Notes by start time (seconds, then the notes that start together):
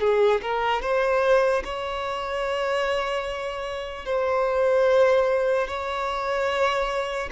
0.00 G#4
0.41 A#4
0.81 C5
1.64 C#5
4.05 C5
5.67 C#5